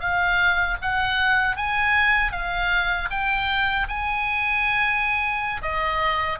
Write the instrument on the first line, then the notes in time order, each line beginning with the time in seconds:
oboe
0.00 F5
0.81 F#5
1.57 G#5
2.32 F5
3.10 G5
3.88 G#5
5.62 D#5